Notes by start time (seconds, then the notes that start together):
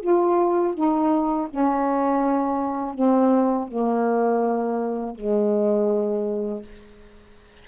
0.00 F4
0.74 D#4
1.49 C#4
2.94 C4
3.68 A#3
5.15 G#3